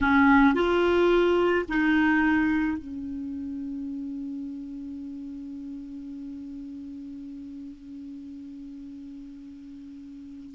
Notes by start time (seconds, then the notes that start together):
0.01 C#4
0.54 F4
1.68 D#4
2.78 C#4